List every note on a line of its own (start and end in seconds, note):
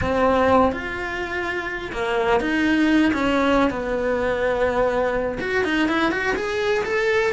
0.01 0.72 C4
0.72 1.92 F4
1.92 2.40 A#3
2.40 3.12 D#4
3.13 3.70 C#4
3.70 5.38 B3
5.40 5.64 F#4
5.64 5.88 D#4
5.88 6.11 E4
6.11 6.35 F#4
6.36 6.84 G#4
6.84 7.32 A4